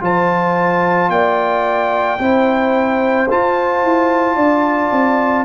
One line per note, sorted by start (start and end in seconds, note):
0.00 1.09 F3
0.00 2.18 F4
0.00 1.11 C5
0.00 1.10 A5
1.09 2.18 A#3
1.09 2.20 D5
1.09 3.28 G5
2.19 3.28 C4
2.19 3.28 E4
2.19 4.36 C5
3.30 5.45 F4
3.30 3.83 F4
3.30 5.45 A5
3.83 4.36 E4
4.36 4.91 D4
4.36 5.45 D5
4.92 5.45 C4